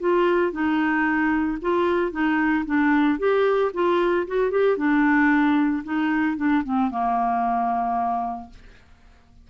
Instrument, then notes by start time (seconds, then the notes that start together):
clarinet
0.00 F4
0.52 D#4
1.61 F4
2.11 D#4
2.65 D4
3.18 G4
3.74 F4
4.27 F#4
4.51 G4
4.77 D4
5.84 D#4
6.36 D4
6.64 C4
6.91 A#3